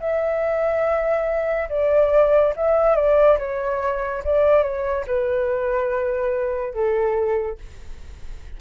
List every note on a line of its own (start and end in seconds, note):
0.00 1.69 E5
1.69 2.54 D5
2.56 2.95 E5
2.95 3.38 D5
3.39 4.23 C#5
4.24 4.62 D5
4.62 5.05 C#5
5.07 6.74 B4
6.74 7.58 A4